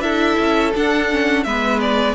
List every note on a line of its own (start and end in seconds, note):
0.00 0.35 D4
0.00 0.72 E4
0.00 1.44 A4
0.00 0.71 E5
0.39 0.74 C#4
0.75 1.10 D4
0.75 1.45 D4
0.75 1.44 F#5
1.10 1.46 C#4
1.44 2.15 G#3
1.44 2.15 B3
1.44 2.15 B4
1.44 1.79 E5
1.81 2.15 D5